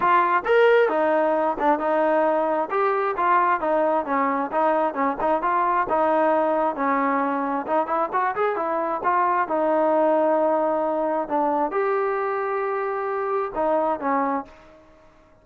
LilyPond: \new Staff \with { instrumentName = "trombone" } { \time 4/4 \tempo 4 = 133 f'4 ais'4 dis'4. d'8 | dis'2 g'4 f'4 | dis'4 cis'4 dis'4 cis'8 dis'8 | f'4 dis'2 cis'4~ |
cis'4 dis'8 e'8 fis'8 gis'8 e'4 | f'4 dis'2.~ | dis'4 d'4 g'2~ | g'2 dis'4 cis'4 | }